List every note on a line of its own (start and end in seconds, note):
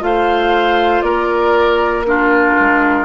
0.00 1.01 A3
0.00 2.03 F4
0.00 1.04 C5
0.00 1.01 F5
1.01 2.54 A#3
1.01 2.06 A#4
1.01 2.03 D5
2.04 3.05 D4
2.04 3.05 F4
2.04 3.05 A#4
2.59 3.05 G#3